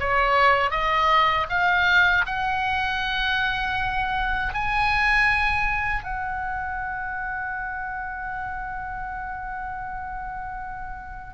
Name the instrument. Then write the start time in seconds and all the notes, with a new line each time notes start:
oboe
0.00 C#5
0.71 D#5
1.49 F5
2.26 F#5
4.54 G#5
6.03 F#5